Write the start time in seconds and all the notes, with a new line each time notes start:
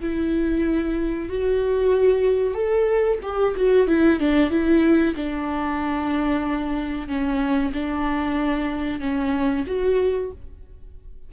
0.00 E4
1.29 F#4
2.54 A4
3.22 G4
3.56 F#4
3.87 E4
4.19 D4
4.50 E4
5.15 D4
7.08 C#4
7.73 D4
9.00 C#4
9.66 F#4